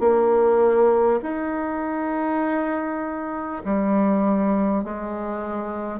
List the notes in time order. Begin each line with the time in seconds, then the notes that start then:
0.00 A#3
1.22 D#4
3.64 G3
4.84 G#3